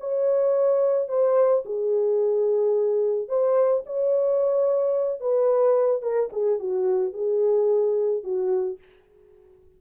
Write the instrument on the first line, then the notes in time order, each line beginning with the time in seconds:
horn
0.00 C#5
1.09 C5
1.65 G#4
3.29 C5
3.86 C#5
5.21 B4
6.02 A#4
6.33 G#4
6.59 F#4
7.13 G#4
8.24 F#4